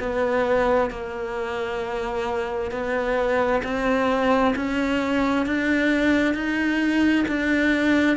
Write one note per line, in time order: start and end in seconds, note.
0.00 0.91 B3
0.91 2.71 A#3
2.71 3.62 B3
3.64 4.55 C4
4.56 5.46 C#4
5.46 6.35 D4
6.35 7.26 D#4
7.29 8.17 D4